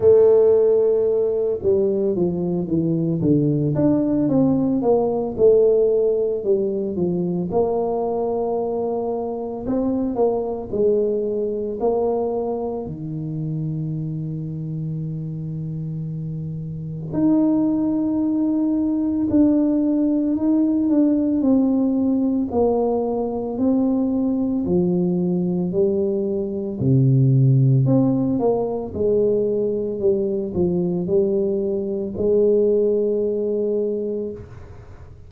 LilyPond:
\new Staff \with { instrumentName = "tuba" } { \time 4/4 \tempo 4 = 56 a4. g8 f8 e8 d8 d'8 | c'8 ais8 a4 g8 f8 ais4~ | ais4 c'8 ais8 gis4 ais4 | dis1 |
dis'2 d'4 dis'8 d'8 | c'4 ais4 c'4 f4 | g4 c4 c'8 ais8 gis4 | g8 f8 g4 gis2 | }